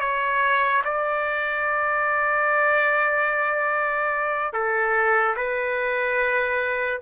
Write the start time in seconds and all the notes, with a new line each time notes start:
0.00 C#5
0.84 D5
4.53 A4
5.36 B4